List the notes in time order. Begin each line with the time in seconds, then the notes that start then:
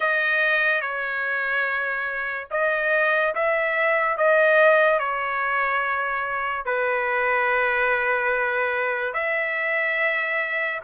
0.00 D#5
0.81 C#5
2.50 D#5
3.34 E5
4.17 D#5
4.98 C#5
6.65 B4
9.13 E5